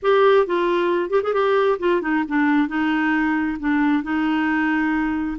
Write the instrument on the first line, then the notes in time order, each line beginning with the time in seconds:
clarinet
0.02 G4
0.46 F4
1.09 G4
1.22 G#4
1.33 G4
1.79 F4
2.01 D#4
2.28 D4
2.68 D#4
3.59 D4
4.03 D#4